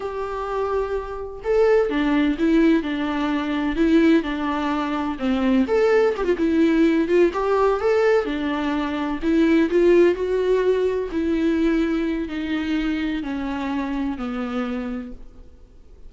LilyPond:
\new Staff \with { instrumentName = "viola" } { \time 4/4 \tempo 4 = 127 g'2. a'4 | d'4 e'4 d'2 | e'4 d'2 c'4 | a'4 g'16 f'16 e'4. f'8 g'8~ |
g'8 a'4 d'2 e'8~ | e'8 f'4 fis'2 e'8~ | e'2 dis'2 | cis'2 b2 | }